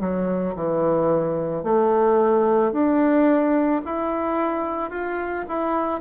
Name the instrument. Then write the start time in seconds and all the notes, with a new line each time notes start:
bassoon
0.00 F#3
0.55 E3
1.63 A3
2.72 D4
3.85 E4
4.90 F4
5.48 E4